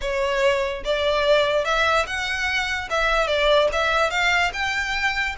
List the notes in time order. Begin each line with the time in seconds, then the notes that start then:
0.01 C#5
0.84 D5
1.64 E5
2.06 F#5
2.90 E5
3.27 D5
3.72 E5
4.10 F5
4.53 G5